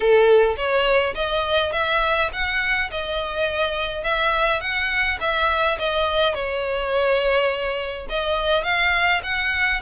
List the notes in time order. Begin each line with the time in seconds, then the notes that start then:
0.00 A4
0.56 C#5
1.14 D#5
1.72 E5
2.32 F#5
2.90 D#5
4.03 E5
4.60 F#5
5.20 E5
5.78 D#5
6.34 C#5
8.09 D#5
8.63 F5
9.23 F#5